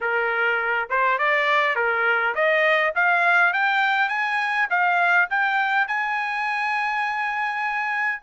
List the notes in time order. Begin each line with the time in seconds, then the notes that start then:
0.00 A#4
0.89 C5
1.18 D5
1.75 A#4
2.34 D#5
2.95 F5
3.53 G5
4.08 G#5
4.70 F5
5.30 G5
5.87 G#5